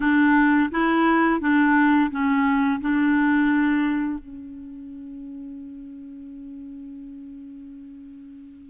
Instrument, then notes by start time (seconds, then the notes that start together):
clarinet
0.00 D4
0.71 E4
1.40 D4
2.10 C#4
2.81 D4
4.19 C#4